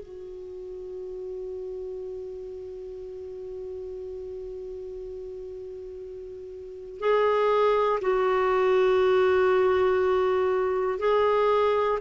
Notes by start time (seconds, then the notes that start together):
0.00 F#4
7.00 G#4
8.01 F#4
10.99 G#4